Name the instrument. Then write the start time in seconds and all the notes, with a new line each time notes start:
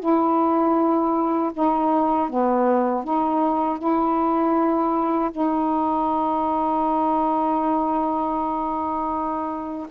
saxophone
0.00 E4
1.54 D#4
2.29 B3
3.04 D#4
3.79 E4
5.31 D#4